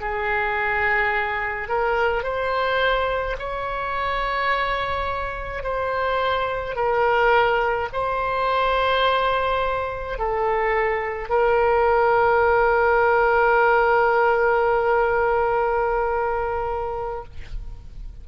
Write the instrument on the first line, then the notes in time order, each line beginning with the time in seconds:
oboe
0.00 G#4
1.68 A#4
2.23 C5
3.39 C#5
5.63 C5
6.76 A#4
7.93 C5
10.18 A4
11.29 A#4